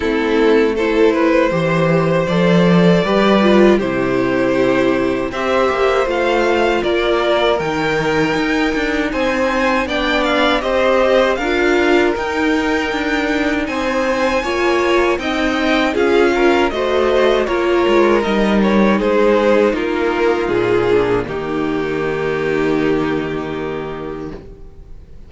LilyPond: <<
  \new Staff \with { instrumentName = "violin" } { \time 4/4 \tempo 4 = 79 a'4 c''2 d''4~ | d''4 c''2 e''4 | f''4 d''4 g''2 | gis''4 g''8 f''8 dis''4 f''4 |
g''2 gis''2 | g''4 f''4 dis''4 cis''4 | dis''8 cis''8 c''4 ais'4 gis'4 | g'1 | }
  \new Staff \with { instrumentName = "violin" } { \time 4/4 e'4 a'8 b'8 c''2 | b'4 g'2 c''4~ | c''4 ais'2. | c''4 d''4 c''4 ais'4~ |
ais'2 c''4 cis''4 | dis''4 gis'8 ais'8 c''4 ais'4~ | ais'4 gis'4 f'2 | dis'1 | }
  \new Staff \with { instrumentName = "viola" } { \time 4/4 c'4 e'4 g'4 a'4 | g'8 f'8 e'2 g'4 | f'2 dis'2~ | dis'4 d'4 g'4 f'4 |
dis'2. f'4 | dis'4 f'4 fis'4 f'4 | dis'2.~ dis'8 d'8 | ais1 | }
  \new Staff \with { instrumentName = "cello" } { \time 4/4 a2 e4 f4 | g4 c2 c'8 ais8 | a4 ais4 dis4 dis'8 d'8 | c'4 b4 c'4 d'4 |
dis'4 d'4 c'4 ais4 | c'4 cis'4 a4 ais8 gis8 | g4 gis4 ais4 ais,4 | dis1 | }
>>